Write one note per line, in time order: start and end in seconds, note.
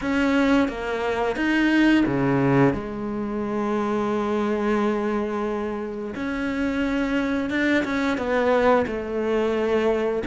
0.01 0.68 C#4
0.68 1.36 A#3
1.36 2.04 D#4
2.05 2.73 C#3
2.73 6.14 G#3
6.15 7.49 C#4
7.49 7.83 D4
7.84 8.17 C#4
8.17 8.85 B3
8.86 10.23 A3